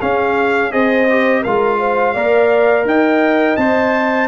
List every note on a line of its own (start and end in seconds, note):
0.00 0.71 C#4
0.00 0.74 C#4
0.00 0.71 G#4
0.00 0.72 F5
0.71 1.45 C4
0.71 1.07 G#4
0.71 1.42 C5
0.71 1.44 D#5
1.10 1.45 G4
1.42 2.15 G#3
1.42 2.16 F4
1.42 1.78 A#4
1.42 2.87 F5
1.79 2.14 C5
2.14 2.85 A#3
2.14 3.59 A#4
2.14 2.85 D5
2.85 3.56 D#4
2.85 4.28 D#5
2.85 3.57 G5
3.57 4.28 C4
3.57 4.28 C5
3.57 4.28 A5